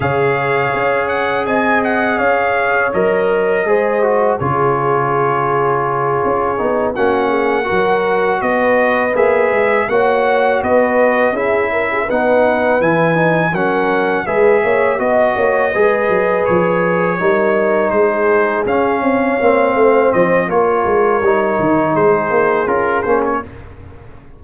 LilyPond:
<<
  \new Staff \with { instrumentName = "trumpet" } { \time 4/4 \tempo 4 = 82 f''4. fis''8 gis''8 fis''8 f''4 | dis''2 cis''2~ | cis''4. fis''2 dis''8~ | dis''8 e''4 fis''4 dis''4 e''8~ |
e''8 fis''4 gis''4 fis''4 e''8~ | e''8 dis''2 cis''4.~ | cis''8 c''4 f''2 dis''8 | cis''2 c''4 ais'8 c''16 cis''16 | }
  \new Staff \with { instrumentName = "horn" } { \time 4/4 cis''2 dis''4 cis''4~ | cis''4 c''4 gis'2~ | gis'4. fis'8 gis'8 ais'4 b'8~ | b'4. cis''4 b'4 gis'8 |
ais'16 gis'16 b'2 ais'4 b'8 | cis''8 dis''8 cis''8 b'2 ais'8~ | ais'8 gis'4. cis''4 c''4 | ais'2 gis'2 | }
  \new Staff \with { instrumentName = "trombone" } { \time 4/4 gis'1 | ais'4 gis'8 fis'8 f'2~ | f'4 dis'8 cis'4 fis'4.~ | fis'8 gis'4 fis'2 e'8~ |
e'8 dis'4 e'8 dis'8 cis'4 gis'8~ | gis'8 fis'4 gis'2 dis'8~ | dis'4. cis'4 c'4. | f'4 dis'2 f'8 cis'8 | }
  \new Staff \with { instrumentName = "tuba" } { \time 4/4 cis4 cis'4 c'4 cis'4 | fis4 gis4 cis2~ | cis8 cis'8 b8 ais4 fis4 b8~ | b8 ais8 gis8 ais4 b4 cis'8~ |
cis'8 b4 e4 fis4 gis8 | ais8 b8 ais8 gis8 fis8 f4 g8~ | g8 gis4 cis'8 c'8 ais8 a8 f8 | ais8 gis8 g8 dis8 gis8 ais8 cis'8 ais8 | }
>>